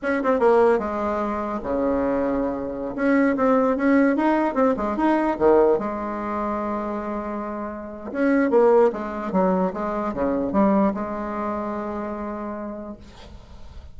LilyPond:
\new Staff \with { instrumentName = "bassoon" } { \time 4/4 \tempo 4 = 148 cis'8 c'8 ais4 gis2 | cis2.~ cis16 cis'8.~ | cis'16 c'4 cis'4 dis'4 c'8 gis16~ | gis16 dis'4 dis4 gis4.~ gis16~ |
gis1 | cis'4 ais4 gis4 fis4 | gis4 cis4 g4 gis4~ | gis1 | }